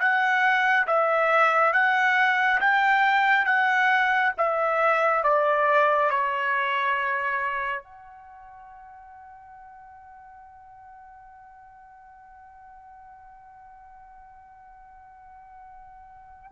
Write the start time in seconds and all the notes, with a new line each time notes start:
0.00 F#5
0.87 E5
1.74 F#5
2.61 G5
3.46 F#5
4.38 E5
5.24 D5
6.11 C#5
7.83 F#5